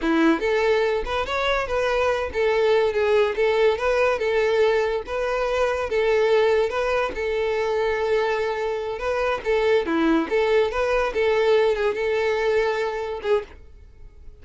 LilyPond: \new Staff \with { instrumentName = "violin" } { \time 4/4 \tempo 4 = 143 e'4 a'4. b'8 cis''4 | b'4. a'4. gis'4 | a'4 b'4 a'2 | b'2 a'2 |
b'4 a'2.~ | a'4. b'4 a'4 e'8~ | e'8 a'4 b'4 a'4. | gis'8 a'2. gis'8 | }